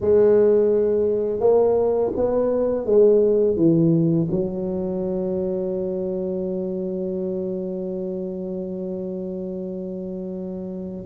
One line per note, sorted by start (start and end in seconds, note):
0.01 1.40 G#3
1.40 2.11 A#3
2.16 2.85 B3
2.85 3.56 G#3
3.56 4.27 E3
4.31 11.06 F#3